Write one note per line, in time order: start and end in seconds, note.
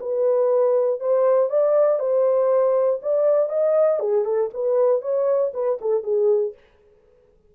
0.00 1.00 B4
1.00 1.50 C5
1.50 1.99 D5
1.99 3.00 C5
3.03 3.49 D5
3.49 4.00 D#5
4.00 4.25 G#4
4.25 4.50 A4
4.54 5.02 B4
5.02 5.52 C#5
5.54 5.79 B4
5.81 6.03 A4
6.03 6.54 G#4